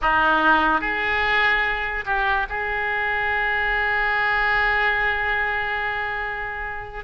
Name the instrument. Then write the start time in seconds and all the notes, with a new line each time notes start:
oboe
0.01 D#4
0.80 G#4
2.05 G4
2.49 G#4